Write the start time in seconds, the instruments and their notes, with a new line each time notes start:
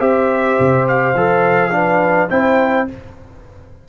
0.00 tuba C4, trombone G4, horn C5, trumpet E5
0.60 tuba C3
0.89 trumpet F5
1.15 tuba F3, trombone A4
1.72 trombone D4, horn B4
2.30 tuba C4, trombone E4, horn C5, trumpet G5